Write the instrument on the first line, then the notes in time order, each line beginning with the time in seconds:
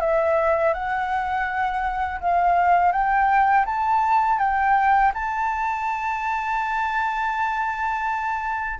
flute
0.00 E5
0.73 F#5
2.20 F5
2.91 G5
3.65 A5
4.38 G5
5.14 A5